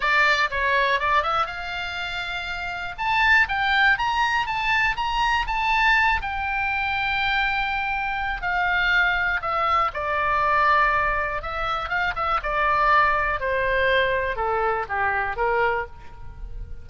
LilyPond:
\new Staff \with { instrumentName = "oboe" } { \time 4/4 \tempo 4 = 121 d''4 cis''4 d''8 e''8 f''4~ | f''2 a''4 g''4 | ais''4 a''4 ais''4 a''4~ | a''8 g''2.~ g''8~ |
g''4 f''2 e''4 | d''2. e''4 | f''8 e''8 d''2 c''4~ | c''4 a'4 g'4 ais'4 | }